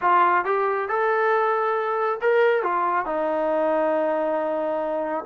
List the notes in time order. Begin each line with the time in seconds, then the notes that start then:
0.01 F4
0.44 G4
0.88 A4
2.21 A#4
2.63 F4
3.05 D#4